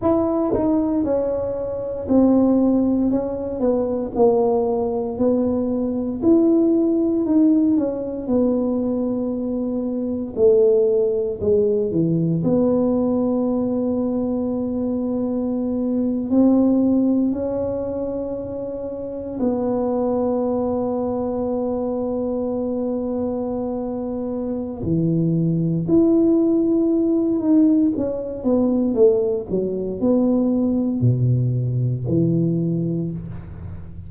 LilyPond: \new Staff \with { instrumentName = "tuba" } { \time 4/4 \tempo 4 = 58 e'8 dis'8 cis'4 c'4 cis'8 b8 | ais4 b4 e'4 dis'8 cis'8 | b2 a4 gis8 e8 | b2.~ b8. c'16~ |
c'8. cis'2 b4~ b16~ | b1 | e4 e'4. dis'8 cis'8 b8 | a8 fis8 b4 b,4 e4 | }